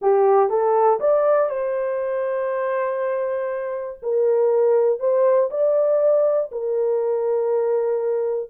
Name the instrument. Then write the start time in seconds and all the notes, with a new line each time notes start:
horn
0.01 G4
0.49 A4
1.00 D5
1.49 C5
4.02 A#4
4.99 C5
5.50 D5
6.51 A#4